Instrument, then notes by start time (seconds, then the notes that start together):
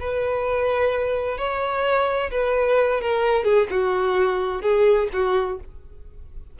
violin
0.00 B4
1.38 C#5
2.31 B4
3.01 A#4
3.44 G#4
3.70 F#4
4.62 G#4
5.13 F#4